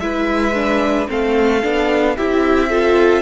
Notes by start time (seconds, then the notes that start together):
0.00 G#3 E4 B4 E5
0.55 D4
1.09 A3 C4 A4 F5
1.63 B3 D4
2.17 C4 E4 G4 E5
2.70 F4 A4